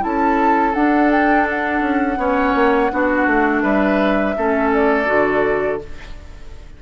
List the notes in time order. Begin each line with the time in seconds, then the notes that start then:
0.00 C#4 E4 A4 A5
0.74 D4 F#5
1.11 G5
1.49 F#5
1.81 C#4
2.17 B3 C#4 C#5
2.54 A#3
2.91 B3 D4 F#4
3.27 A3
3.61 G3 B4 E5
4.37 A3 C#4 A4
4.73 D5
5.06 D3 F#4